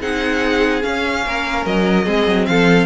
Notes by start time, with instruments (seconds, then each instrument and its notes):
0.00 cello C4, viola D#4, violin G#4 F#5
0.81 viola C#4, cello C#4, violin F5
1.26 cello A#3, violin A#4
1.66 cello F#3, violin D#5
2.05 cello G#3, viola C4, violin G#4
2.26 cello F#3
2.46 cello F3, violin A4 F5